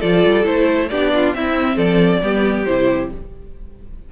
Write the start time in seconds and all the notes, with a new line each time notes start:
0.00 F3 F4 A4 D5
0.26 G3
0.45 A3 E4 C5
0.89 B3 D4 G4 D5
1.15 F4
1.34 C4 E4 E5
1.76 F3 A4 D5
2.23 G3 B3 G4
2.65 C3 E4 C5